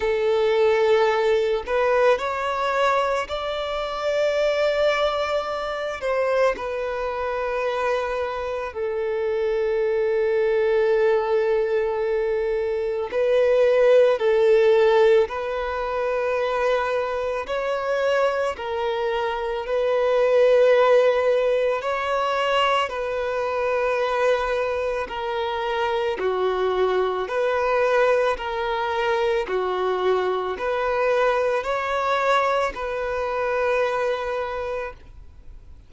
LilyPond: \new Staff \with { instrumentName = "violin" } { \time 4/4 \tempo 4 = 55 a'4. b'8 cis''4 d''4~ | d''4. c''8 b'2 | a'1 | b'4 a'4 b'2 |
cis''4 ais'4 b'2 | cis''4 b'2 ais'4 | fis'4 b'4 ais'4 fis'4 | b'4 cis''4 b'2 | }